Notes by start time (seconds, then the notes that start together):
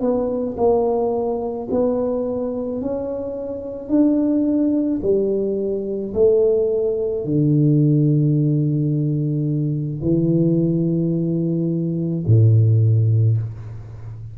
0.00 B3
0.57 A#3
1.71 B3
2.81 C#4
3.89 D4
5.02 G3
6.14 A3
7.25 D3
10.02 E3
12.26 A2